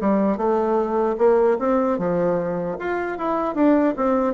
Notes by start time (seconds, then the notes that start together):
0.00 G3
0.37 A3
1.18 A#3
1.59 C4
1.98 F3
2.79 F4
3.18 E4
3.55 D4
3.97 C4